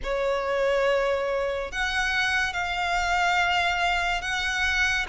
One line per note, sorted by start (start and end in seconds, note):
0.03 1.71 C#5
1.71 2.53 F#5
2.53 4.21 F5
4.21 5.06 F#5